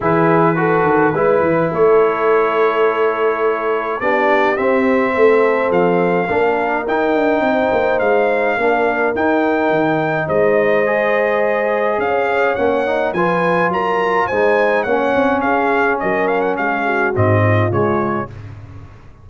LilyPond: <<
  \new Staff \with { instrumentName = "trumpet" } { \time 4/4 \tempo 4 = 105 b'2. cis''4~ | cis''2. d''4 | e''2 f''2 | g''2 f''2 |
g''2 dis''2~ | dis''4 f''4 fis''4 gis''4 | ais''4 gis''4 fis''4 f''4 | dis''8 f''16 fis''16 f''4 dis''4 cis''4 | }
  \new Staff \with { instrumentName = "horn" } { \time 4/4 gis'4 a'4 b'4 a'4~ | a'2. g'4~ | g'4 a'2 ais'4~ | ais'4 c''2 ais'4~ |
ais'2 c''2~ | c''4 cis''2 b'4 | ais'4 c''4 cis''4 gis'4 | ais'4 gis'8 fis'4 f'4. | }
  \new Staff \with { instrumentName = "trombone" } { \time 4/4 e'4 fis'4 e'2~ | e'2. d'4 | c'2. d'4 | dis'2. d'4 |
dis'2. gis'4~ | gis'2 cis'8 dis'8 f'4~ | f'4 dis'4 cis'2~ | cis'2 c'4 gis4 | }
  \new Staff \with { instrumentName = "tuba" } { \time 4/4 e4. dis8 gis8 e8 a4~ | a2. b4 | c'4 a4 f4 ais4 | dis'8 d'8 c'8 ais8 gis4 ais4 |
dis'4 dis4 gis2~ | gis4 cis'4 ais4 f4 | fis4 gis4 ais8 c'8 cis'4 | fis4 gis4 gis,4 cis4 | }
>>